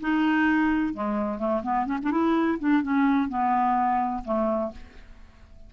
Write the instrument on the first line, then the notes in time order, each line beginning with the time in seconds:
clarinet
0.00 D#4
0.93 G#3
1.38 A3
1.62 B3
1.86 C#4
2.02 D4
2.11 E4
2.59 D4
2.82 C#4
3.28 B3
4.24 A3